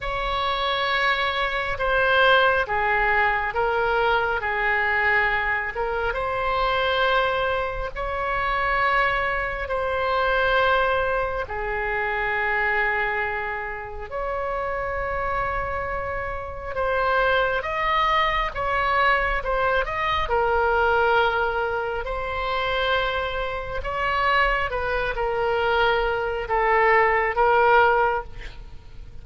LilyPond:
\new Staff \with { instrumentName = "oboe" } { \time 4/4 \tempo 4 = 68 cis''2 c''4 gis'4 | ais'4 gis'4. ais'8 c''4~ | c''4 cis''2 c''4~ | c''4 gis'2. |
cis''2. c''4 | dis''4 cis''4 c''8 dis''8 ais'4~ | ais'4 c''2 cis''4 | b'8 ais'4. a'4 ais'4 | }